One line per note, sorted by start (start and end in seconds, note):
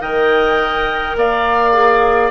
0.00 1.16 D#3
0.00 1.72 A#4
0.00 1.17 D#5
0.00 1.16 G5
1.16 2.30 A#3
1.16 2.30 D5
1.16 2.30 F5
1.72 2.30 G#4